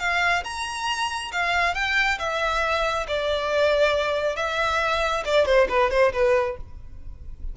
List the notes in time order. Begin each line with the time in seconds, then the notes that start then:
0.00 F5
0.44 A#5
1.32 F5
1.75 G5
2.19 E5
3.08 D5
4.36 E5
5.26 D5
5.46 C5
5.69 B4
5.91 C5
6.13 B4